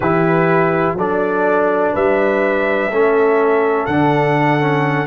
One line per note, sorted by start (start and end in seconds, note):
0.00 0.93 E3
0.00 0.98 E4
0.00 0.96 G4
0.00 0.95 B4
0.93 1.90 F#3
0.93 2.91 D4
0.93 1.93 A4
0.93 1.95 D5
1.93 2.90 G3
1.93 2.90 B4
1.93 3.86 E5
2.90 3.87 A3
2.90 3.89 C#4
2.90 5.06 A4
3.86 5.06 D3
3.86 4.59 D4
3.86 5.06 F#5
4.59 5.06 C#4